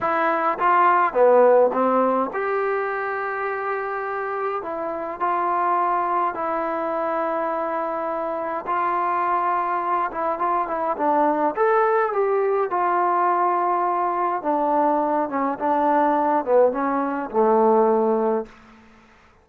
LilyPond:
\new Staff \with { instrumentName = "trombone" } { \time 4/4 \tempo 4 = 104 e'4 f'4 b4 c'4 | g'1 | e'4 f'2 e'4~ | e'2. f'4~ |
f'4. e'8 f'8 e'8 d'4 | a'4 g'4 f'2~ | f'4 d'4. cis'8 d'4~ | d'8 b8 cis'4 a2 | }